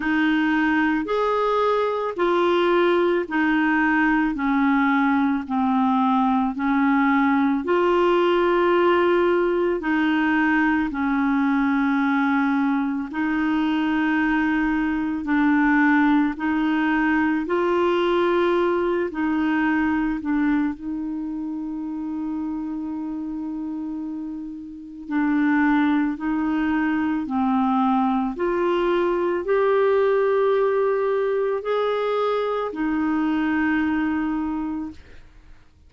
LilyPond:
\new Staff \with { instrumentName = "clarinet" } { \time 4/4 \tempo 4 = 55 dis'4 gis'4 f'4 dis'4 | cis'4 c'4 cis'4 f'4~ | f'4 dis'4 cis'2 | dis'2 d'4 dis'4 |
f'4. dis'4 d'8 dis'4~ | dis'2. d'4 | dis'4 c'4 f'4 g'4~ | g'4 gis'4 dis'2 | }